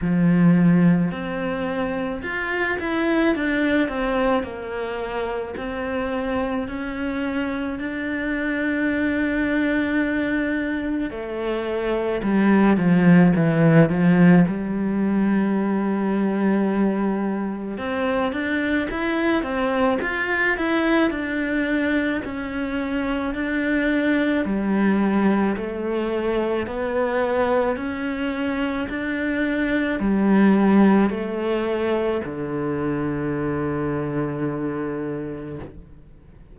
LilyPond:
\new Staff \with { instrumentName = "cello" } { \time 4/4 \tempo 4 = 54 f4 c'4 f'8 e'8 d'8 c'8 | ais4 c'4 cis'4 d'4~ | d'2 a4 g8 f8 | e8 f8 g2. |
c'8 d'8 e'8 c'8 f'8 e'8 d'4 | cis'4 d'4 g4 a4 | b4 cis'4 d'4 g4 | a4 d2. | }